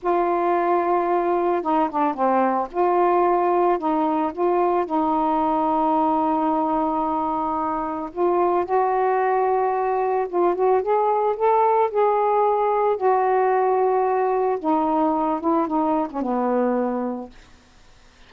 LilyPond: \new Staff \with { instrumentName = "saxophone" } { \time 4/4 \tempo 4 = 111 f'2. dis'8 d'8 | c'4 f'2 dis'4 | f'4 dis'2.~ | dis'2. f'4 |
fis'2. f'8 fis'8 | gis'4 a'4 gis'2 | fis'2. dis'4~ | dis'8 e'8 dis'8. cis'16 b2 | }